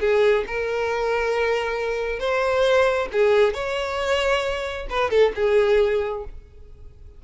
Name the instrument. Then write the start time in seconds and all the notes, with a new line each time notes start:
violin
0.00 G#4
0.47 A#4
2.19 C5
3.12 G#4
3.54 C#5
4.90 B4
5.10 A4
5.35 G#4